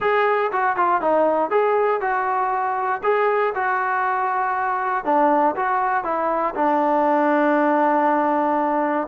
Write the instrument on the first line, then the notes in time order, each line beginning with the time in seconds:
trombone
0.00 G#4
0.52 F#4
0.76 F4
1.01 D#4
1.50 G#4
2.01 F#4
3.03 G#4
3.55 F#4
5.04 D4
5.56 F#4
6.04 E4
6.55 D4